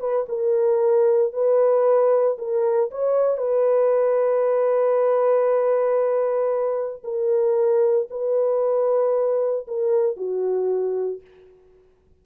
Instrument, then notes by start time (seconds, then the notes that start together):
horn
0.00 B4
0.29 A#4
1.33 B4
2.38 A#4
2.91 C#5
3.37 B4
7.04 A#4
8.10 B4
9.68 A#4
10.17 F#4